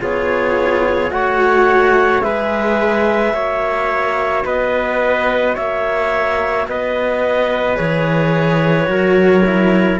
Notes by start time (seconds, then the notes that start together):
0.00 B3 F4 G#4 C#5
1.11 A3 F#4 C#5 F#5
2.21 G#3 G#4 B4 E5
3.33 A#3 F#4 C#5
4.45 B3 B4 D#5
5.55 A#3 C#5 E5
6.67 B3 B4 D#5
7.76 E3 G#4 C#5
8.86 F#3 F#4 A#4
9.45 E4